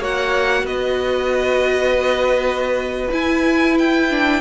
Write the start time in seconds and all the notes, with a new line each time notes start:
0.00 A#3 F#4 C#5 F#5
0.64 B3 B4 D#5
3.11 E4 G#5
3.79 G5
4.11 D4